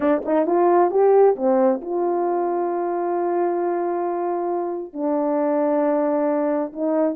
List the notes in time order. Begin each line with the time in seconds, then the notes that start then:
0.00 D4
0.25 D#4
0.46 F4
0.91 G4
1.36 C4
1.81 F4
4.93 D4
6.72 D#4